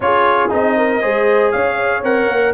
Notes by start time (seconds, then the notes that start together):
0.00 C#4 F4 G#4 C#5
0.49 C4 D#4 D#5
0.77 A#4
1.01 G#3 G#4 C5
1.51 C#4 C#5 F5
2.02 C4 A#4 F#5
2.27 A#3